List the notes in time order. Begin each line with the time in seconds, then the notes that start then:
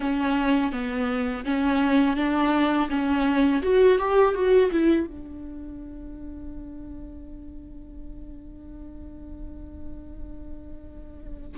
0.00 C#4
0.72 B3
1.45 C#4
2.16 D4
2.89 C#4
3.62 F#4
3.98 G4
4.34 F#4
4.71 E4
5.06 D4